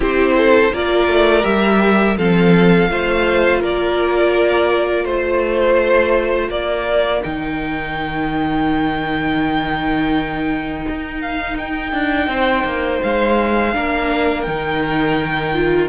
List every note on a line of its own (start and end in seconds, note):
0.00 0.70 C4
0.00 0.72 E4
0.00 0.34 G4
0.00 0.74 C5
0.37 0.73 A4
0.72 1.07 A#3
0.72 1.42 F4
0.72 2.17 A#4
0.72 1.44 D5
1.07 1.44 A3
1.42 2.16 G3
1.42 2.14 G4
1.42 2.16 E5
2.16 2.88 F3
2.16 2.90 C4
2.16 2.90 A4
2.16 3.62 F5
2.88 3.61 A3
2.88 7.21 F4
2.88 3.61 C5
3.61 5.04 A#3
3.61 5.05 A#4
3.61 5.05 D5
5.04 6.48 A3
5.04 6.49 C5
5.04 6.50 C5
6.48 7.21 A#3
6.48 12.28 A#4
6.48 7.22 D5
7.21 10.86 D#3
7.21 13.71 D#4
7.21 11.21 G5
10.88 11.92 D#4
11.21 11.57 F5
11.58 13.02 G5
11.92 12.27 D4
12.27 12.63 C4
12.27 13.74 C5
12.64 13.00 A#3
13.02 13.74 G#3
13.02 14.42 F5
13.72 14.46 A#3
13.72 14.45 D4
13.72 15.89 A#4
14.42 15.89 D#3
14.42 15.54 D#4
14.42 15.87 G5
15.54 15.89 F4